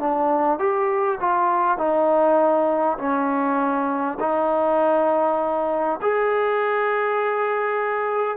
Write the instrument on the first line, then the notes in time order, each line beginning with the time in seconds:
trombone
0.00 D4
0.59 G4
1.20 F4
1.78 D#4
2.98 C#4
4.20 D#4
6.02 G#4